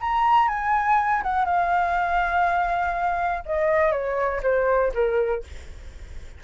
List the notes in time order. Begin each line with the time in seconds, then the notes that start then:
0.00 A#5
0.48 G#5
1.23 F#5
1.45 F5
3.45 D#5
3.92 C#5
4.43 C5
4.94 A#4